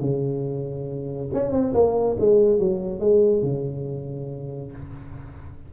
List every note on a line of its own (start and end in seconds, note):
0.00 1.29 C#3
1.33 1.52 C#4
1.52 1.73 C4
1.74 2.17 A#3
2.19 2.59 G#3
2.59 3.00 F#3
3.00 3.43 G#3
3.43 4.72 C#3